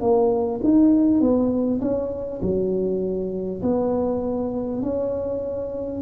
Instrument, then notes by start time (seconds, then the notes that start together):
tuba
0.00 A#3
0.63 D#4
1.20 B3
1.81 C#4
2.41 F#3
3.62 B3
4.82 C#4